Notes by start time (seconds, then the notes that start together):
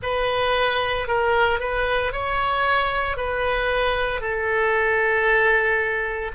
0.02 B4
1.07 A#4
1.59 B4
2.12 C#5
3.16 B4
4.21 A4